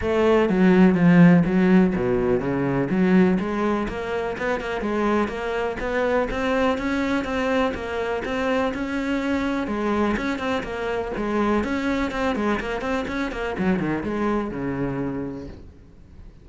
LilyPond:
\new Staff \with { instrumentName = "cello" } { \time 4/4 \tempo 4 = 124 a4 fis4 f4 fis4 | b,4 cis4 fis4 gis4 | ais4 b8 ais8 gis4 ais4 | b4 c'4 cis'4 c'4 |
ais4 c'4 cis'2 | gis4 cis'8 c'8 ais4 gis4 | cis'4 c'8 gis8 ais8 c'8 cis'8 ais8 | fis8 dis8 gis4 cis2 | }